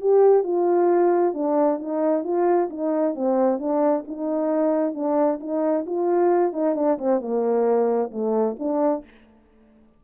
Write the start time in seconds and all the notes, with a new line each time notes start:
0.00 G4
0.43 F4
1.33 D4
1.79 D#4
2.23 F4
2.69 D#4
3.14 C4
3.59 D4
4.07 D#4
4.94 D4
5.40 D#4
5.86 F4
6.52 D#4
6.75 D4
6.98 C4
7.20 A#3
8.11 A3
8.59 D4